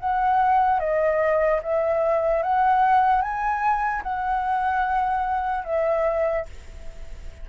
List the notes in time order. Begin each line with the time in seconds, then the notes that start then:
0.00 F#5
0.80 D#5
1.63 E5
2.43 F#5
3.22 G#5
4.03 F#5
5.65 E5